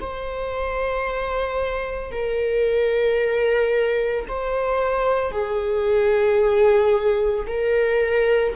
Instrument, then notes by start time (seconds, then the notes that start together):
viola
0.00 C5
2.11 A#4
4.28 C5
5.31 G#4
7.47 A#4